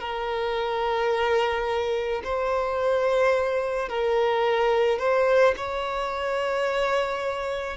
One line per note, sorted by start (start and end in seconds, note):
0.00 2.22 A#4
2.24 3.89 C5
3.89 4.99 A#4
4.99 5.55 C5
5.57 7.77 C#5